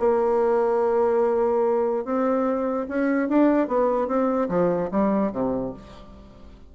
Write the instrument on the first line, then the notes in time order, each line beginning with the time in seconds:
bassoon
0.00 A#3
2.05 C4
2.89 C#4
3.29 D4
3.68 B3
4.08 C4
4.49 F3
4.92 G3
5.32 C3